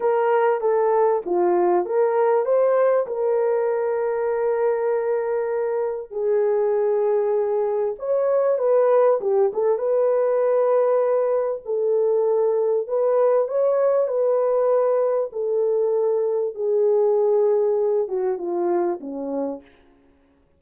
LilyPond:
\new Staff \with { instrumentName = "horn" } { \time 4/4 \tempo 4 = 98 ais'4 a'4 f'4 ais'4 | c''4 ais'2.~ | ais'2 gis'2~ | gis'4 cis''4 b'4 g'8 a'8 |
b'2. a'4~ | a'4 b'4 cis''4 b'4~ | b'4 a'2 gis'4~ | gis'4. fis'8 f'4 cis'4 | }